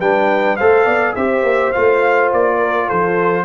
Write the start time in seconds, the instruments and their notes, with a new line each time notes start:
0.00 tuba G3, trombone D4, horn B4, trumpet G5
0.57 tuba A3, trombone A4, horn C5, trumpet F5
0.86 tuba B3, horn D5
1.16 tuba C4, trombone G4, horn C5, trumpet E5
1.43 tuba A#3
1.73 tuba A3, trombone F4, trumpet F5
2.33 tuba A#3, trumpet D5
2.58 horn A#4
2.88 tuba F3, horn A4, trumpet C5